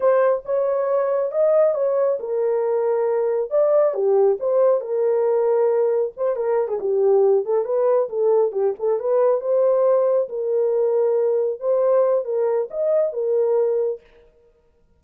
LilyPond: \new Staff \with { instrumentName = "horn" } { \time 4/4 \tempo 4 = 137 c''4 cis''2 dis''4 | cis''4 ais'2. | d''4 g'4 c''4 ais'4~ | ais'2 c''8 ais'8. gis'16 g'8~ |
g'4 a'8 b'4 a'4 g'8 | a'8 b'4 c''2 ais'8~ | ais'2~ ais'8 c''4. | ais'4 dis''4 ais'2 | }